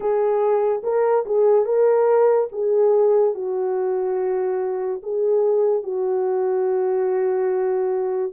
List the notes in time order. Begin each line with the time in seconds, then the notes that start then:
0.00 G#4
0.83 A#4
1.25 G#4
1.65 A#4
2.52 G#4
3.34 F#4
5.02 G#4
5.83 F#4